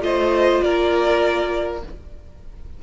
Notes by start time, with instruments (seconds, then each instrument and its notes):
0.00 cello A3, viola F4, violin C5 D#5
0.62 cello A#3, violin A#4 D5